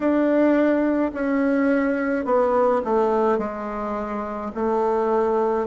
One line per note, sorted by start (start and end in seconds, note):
0.00 1.11 D4
1.13 2.25 C#4
2.25 2.81 B3
2.84 3.38 A3
3.38 4.51 G#3
4.54 5.67 A3